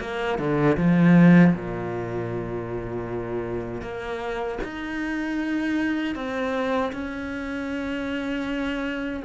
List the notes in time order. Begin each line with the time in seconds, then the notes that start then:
0.00 A#3
0.38 D3
0.77 F3
1.54 A#2
3.81 A#3
4.63 D#4
6.15 C4
6.92 C#4